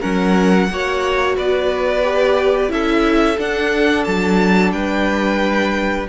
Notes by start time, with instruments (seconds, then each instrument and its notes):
0.00 cello F#3, viola C#4, violin A#4 F#5
0.70 cello A#3, viola F#4, violin C#5
1.37 cello B3, violin B4 D5
2.03 viola G4
2.69 cello C#4, viola E4, violin A4 E5
3.38 viola D4, cello D4, violin F#5
4.04 cello F#3, violin A5
4.72 cello G3, violin B4 G5